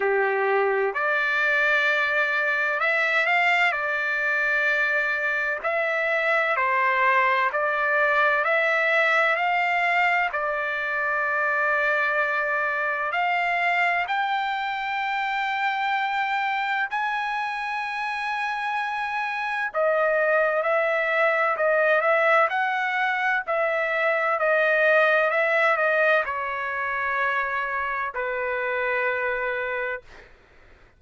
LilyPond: \new Staff \with { instrumentName = "trumpet" } { \time 4/4 \tempo 4 = 64 g'4 d''2 e''8 f''8 | d''2 e''4 c''4 | d''4 e''4 f''4 d''4~ | d''2 f''4 g''4~ |
g''2 gis''2~ | gis''4 dis''4 e''4 dis''8 e''8 | fis''4 e''4 dis''4 e''8 dis''8 | cis''2 b'2 | }